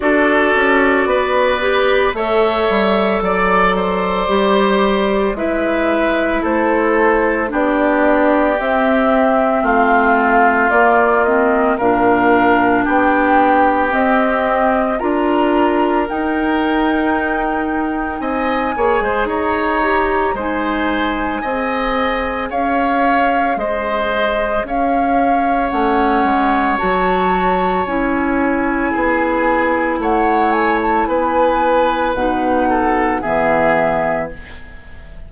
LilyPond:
<<
  \new Staff \with { instrumentName = "flute" } { \time 4/4 \tempo 4 = 56 d''2 e''4 d''4~ | d''4 e''4 c''4 d''4 | e''4 f''4 d''8 dis''8 f''4 | g''4 dis''4 ais''4 g''4~ |
g''4 gis''4 ais''4 gis''4~ | gis''4 f''4 dis''4 f''4 | fis''4 a''4 gis''2 | fis''8 gis''16 a''16 gis''4 fis''4 e''4 | }
  \new Staff \with { instrumentName = "oboe" } { \time 4/4 a'4 b'4 cis''4 d''8 c''8~ | c''4 b'4 a'4 g'4~ | g'4 f'2 ais'4 | g'2 ais'2~ |
ais'4 dis''8 cis''16 c''16 cis''4 c''4 | dis''4 cis''4 c''4 cis''4~ | cis''2. gis'4 | cis''4 b'4. a'8 gis'4 | }
  \new Staff \with { instrumentName = "clarinet" } { \time 4/4 fis'4. g'8 a'2 | g'4 e'2 d'4 | c'2 ais8 c'8 d'4~ | d'4 c'4 f'4 dis'4~ |
dis'4. gis'4 g'8 dis'4 | gis'1 | cis'4 fis'4 e'2~ | e'2 dis'4 b4 | }
  \new Staff \with { instrumentName = "bassoon" } { \time 4/4 d'8 cis'8 b4 a8 g8 fis4 | g4 gis4 a4 b4 | c'4 a4 ais4 ais,4 | b4 c'4 d'4 dis'4~ |
dis'4 c'8 ais16 gis16 dis'4 gis4 | c'4 cis'4 gis4 cis'4 | a8 gis8 fis4 cis'4 b4 | a4 b4 b,4 e4 | }
>>